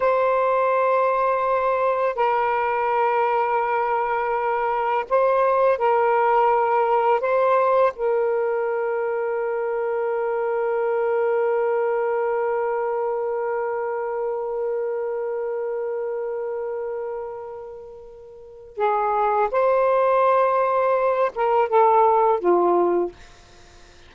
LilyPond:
\new Staff \with { instrumentName = "saxophone" } { \time 4/4 \tempo 4 = 83 c''2. ais'4~ | ais'2. c''4 | ais'2 c''4 ais'4~ | ais'1~ |
ais'1~ | ais'1~ | ais'2 gis'4 c''4~ | c''4. ais'8 a'4 f'4 | }